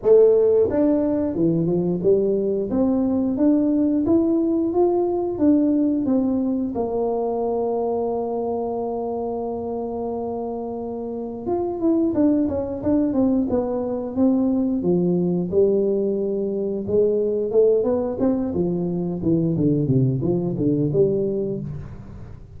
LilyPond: \new Staff \with { instrumentName = "tuba" } { \time 4/4 \tempo 4 = 89 a4 d'4 e8 f8 g4 | c'4 d'4 e'4 f'4 | d'4 c'4 ais2~ | ais1~ |
ais4 f'8 e'8 d'8 cis'8 d'8 c'8 | b4 c'4 f4 g4~ | g4 gis4 a8 b8 c'8 f8~ | f8 e8 d8 c8 f8 d8 g4 | }